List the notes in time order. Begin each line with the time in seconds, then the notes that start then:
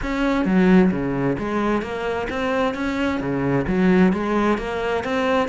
0.02 C#4
0.45 F#3
0.91 C#3
1.38 G#3
1.82 A#3
2.29 C4
2.74 C#4
3.20 C#3
3.67 F#3
4.12 G#3
4.58 A#3
5.04 C4